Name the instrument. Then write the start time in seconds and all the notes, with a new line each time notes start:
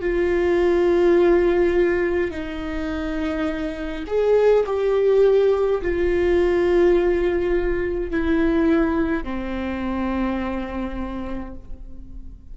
viola
0.00 F4
2.31 D#4
4.06 G#4
4.66 G4
5.82 F4
8.10 E4
9.24 C4